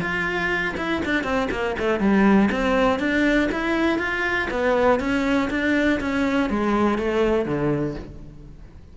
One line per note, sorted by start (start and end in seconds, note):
0.00 0.74 F4
0.77 1.02 E4
1.05 1.23 D4
1.23 1.48 C4
1.51 1.76 A#3
1.79 1.99 A3
1.99 2.49 G3
2.51 2.99 C4
2.99 3.49 D4
3.52 3.98 E4
3.98 4.48 F4
4.50 4.99 B3
4.99 5.49 C#4
5.50 6.00 D4
6.00 6.50 C#4
6.50 6.98 G#3
6.98 7.45 A3
7.45 7.95 D3